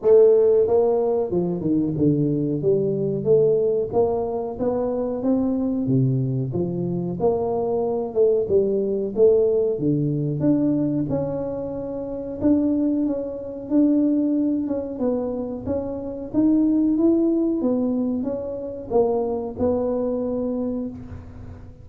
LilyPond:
\new Staff \with { instrumentName = "tuba" } { \time 4/4 \tempo 4 = 92 a4 ais4 f8 dis8 d4 | g4 a4 ais4 b4 | c'4 c4 f4 ais4~ | ais8 a8 g4 a4 d4 |
d'4 cis'2 d'4 | cis'4 d'4. cis'8 b4 | cis'4 dis'4 e'4 b4 | cis'4 ais4 b2 | }